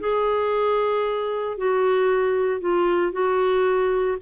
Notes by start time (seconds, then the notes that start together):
0.00 G#4
1.58 F#4
2.61 F4
3.13 F#4